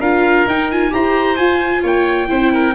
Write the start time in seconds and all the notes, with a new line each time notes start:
0.00 D4 F4 A#4 F5
0.46 D#4 G5
0.71 F4 G#5
0.91 E4 G4 C5 A#5
1.37 F4 G#5
1.83 A#3 C#5 G5
2.28 C4 E4 C5
2.54 A#4